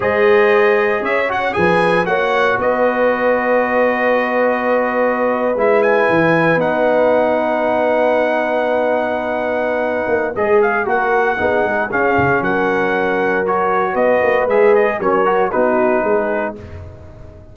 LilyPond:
<<
  \new Staff \with { instrumentName = "trumpet" } { \time 4/4 \tempo 4 = 116 dis''2 e''8 fis''8 gis''4 | fis''4 dis''2.~ | dis''2~ dis''8. e''8 gis''8.~ | gis''8. fis''2.~ fis''16~ |
fis''1 | dis''8 f''8 fis''2 f''4 | fis''2 cis''4 dis''4 | e''8 dis''8 cis''4 b'2 | }
  \new Staff \with { instrumentName = "horn" } { \time 4/4 c''2 cis''4 b'4 | cis''4 b'2.~ | b'1~ | b'1~ |
b'1~ | b'4 ais'4 gis'2 | ais'2. b'4~ | b'4 ais'4 fis'4 gis'4 | }
  \new Staff \with { instrumentName = "trombone" } { \time 4/4 gis'2~ gis'8 fis'8 gis'4 | fis'1~ | fis'2~ fis'8. e'4~ e'16~ | e'8. dis'2.~ dis'16~ |
dis'1 | gis'4 fis'4 dis'4 cis'4~ | cis'2 fis'2 | gis'4 cis'8 fis'8 dis'2 | }
  \new Staff \with { instrumentName = "tuba" } { \time 4/4 gis2 cis'4 f4 | ais4 b2.~ | b2~ b8. gis4 e16~ | e8. b2.~ b16~ |
b2.~ b8 ais8 | gis4 ais4 b8 gis8 cis'8 cis8 | fis2. b8 ais8 | gis4 fis4 b4 gis4 | }
>>